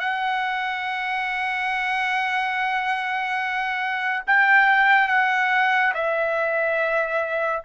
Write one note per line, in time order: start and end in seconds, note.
0.00 4.23 F#5
4.27 5.09 G5
5.09 5.93 F#5
5.94 7.63 E5